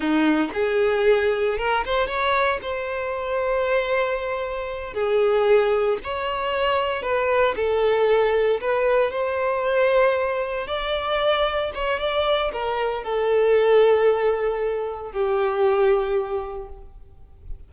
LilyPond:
\new Staff \with { instrumentName = "violin" } { \time 4/4 \tempo 4 = 115 dis'4 gis'2 ais'8 c''8 | cis''4 c''2.~ | c''4. gis'2 cis''8~ | cis''4. b'4 a'4.~ |
a'8 b'4 c''2~ c''8~ | c''8 d''2 cis''8 d''4 | ais'4 a'2.~ | a'4 g'2. | }